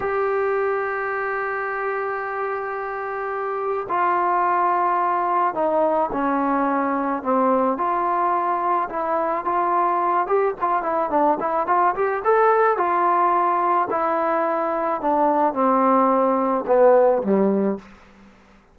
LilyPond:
\new Staff \with { instrumentName = "trombone" } { \time 4/4 \tempo 4 = 108 g'1~ | g'2. f'4~ | f'2 dis'4 cis'4~ | cis'4 c'4 f'2 |
e'4 f'4. g'8 f'8 e'8 | d'8 e'8 f'8 g'8 a'4 f'4~ | f'4 e'2 d'4 | c'2 b4 g4 | }